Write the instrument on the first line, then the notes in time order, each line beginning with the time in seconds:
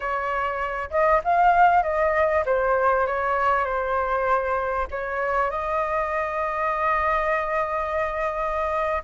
flute
0.00 C#5
0.90 D#5
1.24 F5
1.82 D#5
2.45 C5
3.06 C#5
3.64 C5
4.90 C#5
5.50 D#5